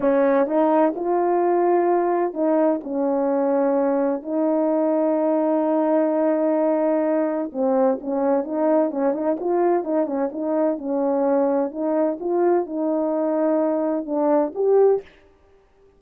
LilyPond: \new Staff \with { instrumentName = "horn" } { \time 4/4 \tempo 4 = 128 cis'4 dis'4 f'2~ | f'4 dis'4 cis'2~ | cis'4 dis'2.~ | dis'1 |
c'4 cis'4 dis'4 cis'8 dis'8 | f'4 dis'8 cis'8 dis'4 cis'4~ | cis'4 dis'4 f'4 dis'4~ | dis'2 d'4 g'4 | }